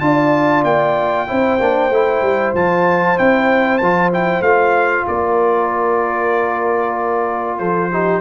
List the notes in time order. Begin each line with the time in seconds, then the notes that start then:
0.00 D4 F4 D5 A5
0.64 A#3 G5
1.27 C4 E4 C5
1.59 A#3 D4
1.90 A3 E4
2.22 G3
2.54 F3 F4 A5
3.17 C4 E4 G5
3.78 F3 F4 A5
4.13 E4 G5
4.41 A3 F4 F5
5.08 A#3 A#4 D5
7.58 F3 A4 C5
7.91 D#4 G4